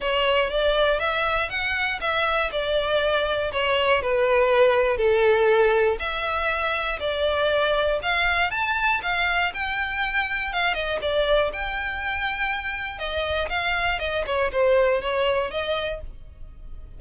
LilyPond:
\new Staff \with { instrumentName = "violin" } { \time 4/4 \tempo 4 = 120 cis''4 d''4 e''4 fis''4 | e''4 d''2 cis''4 | b'2 a'2 | e''2 d''2 |
f''4 a''4 f''4 g''4~ | g''4 f''8 dis''8 d''4 g''4~ | g''2 dis''4 f''4 | dis''8 cis''8 c''4 cis''4 dis''4 | }